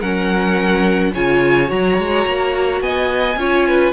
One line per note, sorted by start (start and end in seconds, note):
0.00 1.14 F#3
0.00 1.15 C#4
0.00 1.12 A#4
0.00 1.14 F#5
1.14 1.71 C#3
1.14 1.67 F4
1.14 2.82 C#5
1.14 1.71 G#5
1.67 1.99 F#3
1.67 3.35 F#4
1.67 2.82 A#5
1.99 2.27 G#3
2.27 2.81 A#3
2.81 3.37 B3
2.81 3.39 D#5
2.81 3.93 G#5
3.37 3.93 C#4
3.37 3.93 F4
3.37 3.68 C#5
3.68 3.93 B4